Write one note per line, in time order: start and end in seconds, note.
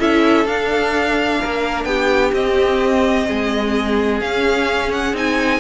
0.00 0.46 C#4
0.00 0.47 E4
0.00 1.41 A4
0.00 0.47 E5
0.46 1.40 D4
0.46 2.34 D4
0.46 1.85 F5
1.42 1.85 A#3
1.42 1.88 A#4
1.85 2.32 B3
1.85 3.28 G4
1.85 2.32 G5
2.33 3.27 C4
2.33 4.21 C4
2.33 4.22 D#5
3.28 4.22 G#3
3.28 5.60 G#4
4.21 5.15 C#4
4.21 5.14 C#4
4.21 4.92 F5
4.93 5.16 F#5
5.14 5.60 C4
5.14 5.60 D#4
5.14 5.60 G#5